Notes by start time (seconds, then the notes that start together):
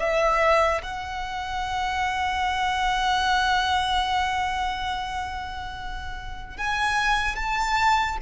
0.00 E5
0.83 F#5
6.58 G#5
7.36 A5